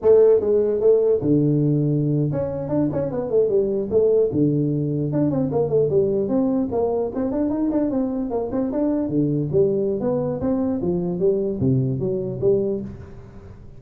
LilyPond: \new Staff \with { instrumentName = "tuba" } { \time 4/4 \tempo 4 = 150 a4 gis4 a4 d4~ | d4.~ d16 cis'4 d'8 cis'8 b16~ | b16 a8 g4 a4 d4~ d16~ | d8. d'8 c'8 ais8 a8 g4 c'16~ |
c'8. ais4 c'8 d'8 dis'8 d'8 c'16~ | c'8. ais8 c'8 d'4 d4 g16~ | g4 b4 c'4 f4 | g4 c4 fis4 g4 | }